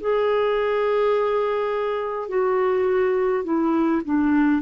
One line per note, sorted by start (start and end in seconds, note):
0.00 2.28 G#4
2.28 3.44 F#4
3.44 4.01 E4
4.05 4.62 D4